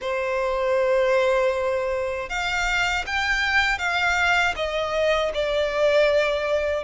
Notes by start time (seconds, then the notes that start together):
0.01 C5
2.29 F5
3.06 G5
3.78 F5
4.56 D#5
5.34 D5